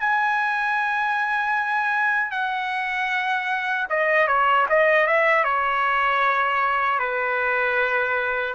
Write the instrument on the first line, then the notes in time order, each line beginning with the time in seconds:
trumpet
0.00 G#5
2.31 F#5
3.89 D#5
4.28 C#5
4.69 D#5
5.07 E5
5.44 C#5
6.99 B4